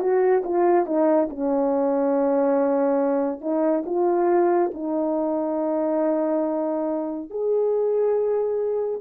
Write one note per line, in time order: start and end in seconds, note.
0.00 0.43 F#4
0.44 0.86 F4
0.86 1.29 D#4
1.30 3.41 C#4
3.41 3.84 D#4
3.86 4.71 F4
4.74 7.30 D#4
7.30 9.01 G#4